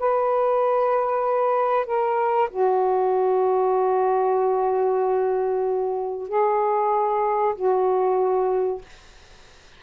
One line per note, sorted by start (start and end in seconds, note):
0.00 1.86 B4
1.86 2.49 A#4
2.50 6.29 F#4
6.29 7.55 G#4
7.56 8.82 F#4